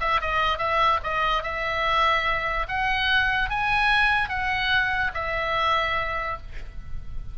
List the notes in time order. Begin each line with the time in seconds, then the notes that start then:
0.00 E5
0.21 D#5
0.58 E5
1.03 D#5
1.43 E5
2.68 F#5
3.50 G#5
4.29 F#5
5.14 E5